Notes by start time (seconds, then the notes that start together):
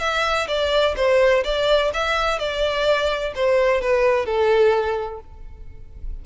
0.00 E5
0.48 D5
0.96 C5
1.44 D5
1.94 E5
2.39 D5
3.35 C5
3.81 B4
4.26 A4